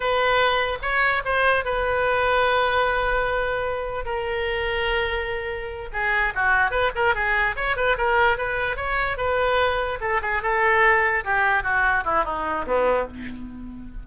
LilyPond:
\new Staff \with { instrumentName = "oboe" } { \time 4/4 \tempo 4 = 147 b'2 cis''4 c''4 | b'1~ | b'2 ais'2~ | ais'2~ ais'8 gis'4 fis'8~ |
fis'8 b'8 ais'8 gis'4 cis''8 b'8 ais'8~ | ais'8 b'4 cis''4 b'4.~ | b'8 a'8 gis'8 a'2 g'8~ | g'8 fis'4 e'8 dis'4 b4 | }